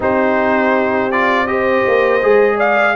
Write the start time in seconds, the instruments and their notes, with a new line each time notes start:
0.00 tuba C4, trombone D#4, horn G4, trumpet C5
1.11 trombone F4, trumpet D5
1.46 trombone G4, horn C5, trumpet D#5
1.86 tuba A#3
2.22 tuba G#3, trombone G#4
2.56 horn D5, trumpet F5